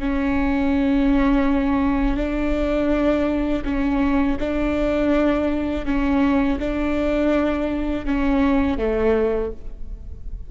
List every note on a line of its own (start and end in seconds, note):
0.00 2.17 C#4
2.17 3.64 D4
3.65 4.38 C#4
4.40 5.86 D4
5.86 6.59 C#4
6.60 8.06 D4
8.06 8.78 C#4
8.78 9.52 A3